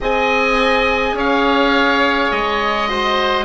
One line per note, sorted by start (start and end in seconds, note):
0.00 1.13 C4
0.00 2.88 G#4
0.00 1.16 D#5
0.00 1.19 G#5
1.13 2.28 C#4
1.13 2.89 C#5
1.13 2.31 F5
2.31 3.45 G#3
2.31 3.45 D#5
2.88 3.45 F#4
2.88 3.45 C5